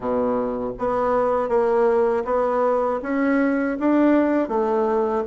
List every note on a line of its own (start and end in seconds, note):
0.00 0.72 B2
0.78 1.48 B3
1.48 2.23 A#3
2.25 3.00 B3
3.02 3.77 C#4
3.79 4.48 D4
4.48 5.23 A3